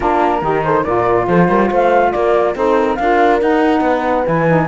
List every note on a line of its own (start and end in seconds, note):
0.00 0.41 A#3
0.00 0.41 D4
0.00 0.42 F4
0.00 0.63 A#4
0.41 0.84 D#3
0.41 0.84 D#4
0.41 0.65 G4
0.64 0.85 A4
0.64 0.83 C5
0.83 1.28 A#2
0.83 2.54 F4
0.83 1.27 A#4
0.83 1.26 D5
1.27 1.48 F3
1.27 1.48 A4
1.27 1.70 C5
1.48 1.69 G3
1.48 1.70 A#4
1.70 2.13 A3
1.70 2.13 C5
1.70 2.12 F5
2.12 2.55 A#3
2.12 2.56 A#4
2.12 2.54 D5
2.54 2.98 C4
2.54 2.97 D#4
2.54 2.98 A4
2.54 2.78 C5
2.78 2.95 A#4
2.95 3.41 D4
2.95 3.40 F4
2.95 3.82 A#4
2.95 3.38 F5
3.40 4.24 D#4
3.40 3.80 D#4
3.40 4.26 F#5
3.80 4.23 B3
3.80 4.67 B4
4.24 4.67 E3
4.24 4.45 E4
4.24 4.67 G#5
4.47 4.67 D#4